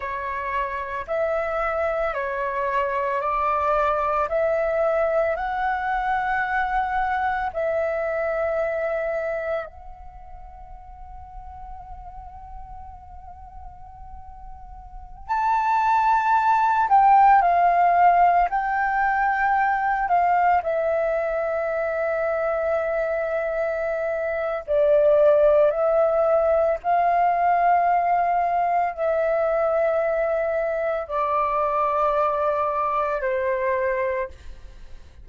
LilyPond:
\new Staff \with { instrumentName = "flute" } { \time 4/4 \tempo 4 = 56 cis''4 e''4 cis''4 d''4 | e''4 fis''2 e''4~ | e''4 fis''2.~ | fis''2~ fis''16 a''4. g''16~ |
g''16 f''4 g''4. f''8 e''8.~ | e''2. d''4 | e''4 f''2 e''4~ | e''4 d''2 c''4 | }